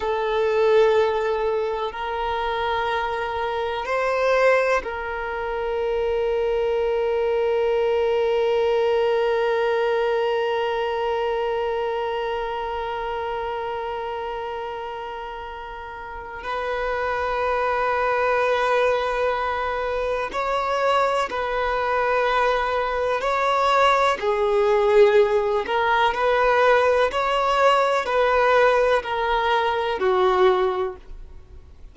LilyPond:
\new Staff \with { instrumentName = "violin" } { \time 4/4 \tempo 4 = 62 a'2 ais'2 | c''4 ais'2.~ | ais'1~ | ais'1~ |
ais'4 b'2.~ | b'4 cis''4 b'2 | cis''4 gis'4. ais'8 b'4 | cis''4 b'4 ais'4 fis'4 | }